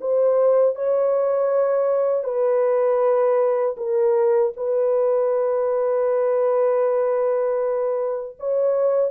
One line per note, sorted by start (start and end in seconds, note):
0.00 0.75 C5
0.75 2.23 C#5
2.23 3.75 B4
3.76 4.52 A#4
4.56 8.36 B4
8.39 9.10 C#5